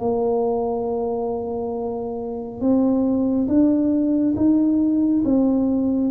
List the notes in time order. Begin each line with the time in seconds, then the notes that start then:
0.00 A#3
2.61 C4
3.48 D4
4.37 D#4
5.25 C4